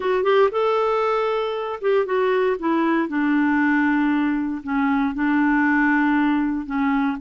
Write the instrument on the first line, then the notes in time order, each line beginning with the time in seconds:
clarinet
0.00 F#4
0.23 G4
0.51 A4
1.81 G4
2.05 F#4
2.59 E4
3.08 D4
4.63 C#4
5.14 D4
6.66 C#4